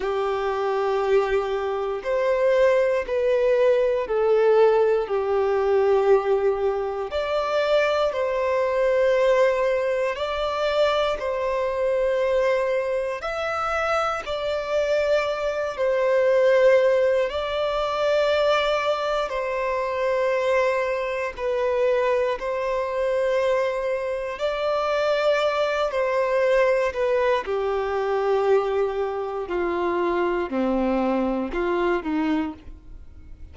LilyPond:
\new Staff \with { instrumentName = "violin" } { \time 4/4 \tempo 4 = 59 g'2 c''4 b'4 | a'4 g'2 d''4 | c''2 d''4 c''4~ | c''4 e''4 d''4. c''8~ |
c''4 d''2 c''4~ | c''4 b'4 c''2 | d''4. c''4 b'8 g'4~ | g'4 f'4 c'4 f'8 dis'8 | }